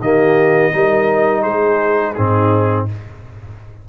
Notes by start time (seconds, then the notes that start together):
0.00 D#3 A#3 G4 D#5
0.72 G3 D#4 A#4
1.42 G#3 G#4 C5
2.13 G#2 C4 D#4 G#4